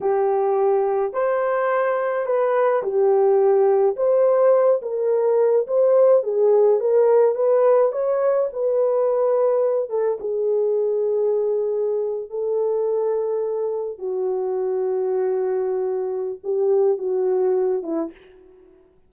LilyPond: \new Staff \with { instrumentName = "horn" } { \time 4/4 \tempo 4 = 106 g'2 c''2 | b'4 g'2 c''4~ | c''8 ais'4. c''4 gis'4 | ais'4 b'4 cis''4 b'4~ |
b'4. a'8 gis'2~ | gis'4.~ gis'16 a'2~ a'16~ | a'8. fis'2.~ fis'16~ | fis'4 g'4 fis'4. e'8 | }